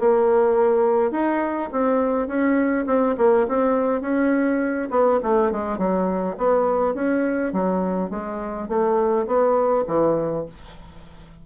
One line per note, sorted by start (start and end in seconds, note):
0.00 1.11 A#3
1.11 1.70 D#4
1.72 2.28 C4
2.28 2.86 C#4
2.86 3.16 C4
3.18 3.47 A#3
3.48 4.02 C4
4.02 4.89 C#4
4.91 5.20 B3
5.23 5.52 A3
5.52 5.78 G#3
5.78 6.37 F#3
6.38 6.95 B3
6.95 7.53 C#4
7.53 8.10 F#3
8.10 8.68 G#3
8.68 9.27 A3
9.27 9.85 B3
9.88 10.46 E3